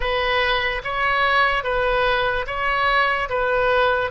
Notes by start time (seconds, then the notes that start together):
0.00 B4
0.84 C#5
1.63 B4
2.46 C#5
3.29 B4